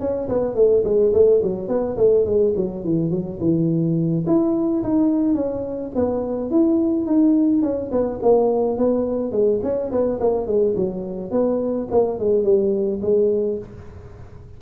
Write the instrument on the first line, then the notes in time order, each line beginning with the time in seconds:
tuba
0.00 C#4
0.29 B3
0.55 A3
0.85 G#3
1.14 A3
1.43 F#3
1.69 B3
1.97 A3
2.26 G#3
2.57 F#3
2.84 E3
3.11 F#3
3.40 E3
4.27 E4
4.84 D#4
5.35 C#4
5.95 B3
6.51 E4
7.06 D#4
7.63 C#4
7.91 B3
8.23 A#3
8.78 B3
9.32 G#3
9.63 C#4
9.92 B3
10.20 A#3
10.47 G#3
10.76 F#3
11.31 B3
11.91 A#3
12.19 G#3
12.44 G3
13.02 G#3